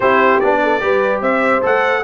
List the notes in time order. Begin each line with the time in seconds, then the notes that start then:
0.00 C4 E4 G4 C5
0.40 B3 D4 D5
0.62 A4
0.80 G3 G4 B4
1.21 C4 C5 E5
1.61 A3 A4 F#5